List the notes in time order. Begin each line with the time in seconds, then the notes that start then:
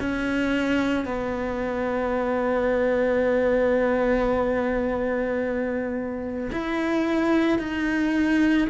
0.00 C#4
1.05 B3
6.52 E4
7.59 D#4